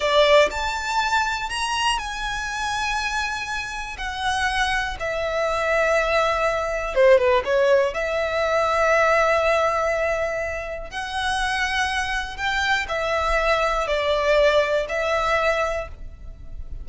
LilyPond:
\new Staff \with { instrumentName = "violin" } { \time 4/4 \tempo 4 = 121 d''4 a''2 ais''4 | gis''1 | fis''2 e''2~ | e''2 c''8 b'8 cis''4 |
e''1~ | e''2 fis''2~ | fis''4 g''4 e''2 | d''2 e''2 | }